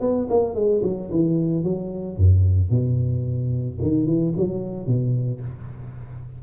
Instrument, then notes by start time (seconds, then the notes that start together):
tuba
0.00 B3
0.29 A#3
0.54 G#3
0.82 F#3
1.10 E3
1.63 F#3
2.16 F#2
2.70 B2
3.82 D#3
4.06 E3
4.36 F#3
4.86 B2